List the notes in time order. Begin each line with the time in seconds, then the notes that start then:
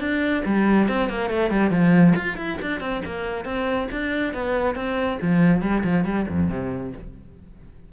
0.00 D4
0.45 G3
0.88 C4
1.09 A#3
1.30 A3
1.50 G3
1.70 F3
2.16 F4
2.37 E4
2.61 D4
2.80 C4
3.05 A#3
3.45 C4
3.92 D4
4.34 B3
4.75 C4
5.22 F3
5.62 G3
5.84 F3
6.05 G3
6.29 F2
6.49 C3